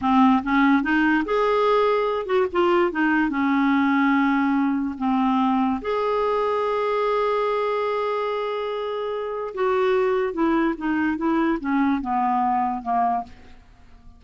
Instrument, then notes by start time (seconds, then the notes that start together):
clarinet
0.01 C4
0.43 C#4
0.82 D#4
1.25 G#4
2.26 F#4
2.52 F4
2.91 D#4
3.29 C#4
4.98 C4
5.81 G#4
9.54 F#4
10.33 E4
10.77 D#4
11.17 E4
11.60 C#4
12.01 B3
12.82 A#3